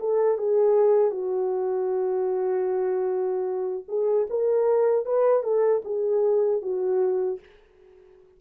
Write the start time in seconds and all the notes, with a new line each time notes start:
0.00 A4
0.38 G#4
1.11 F#4
3.88 G#4
4.30 A#4
5.05 B4
5.43 A4
5.85 G#4
6.62 F#4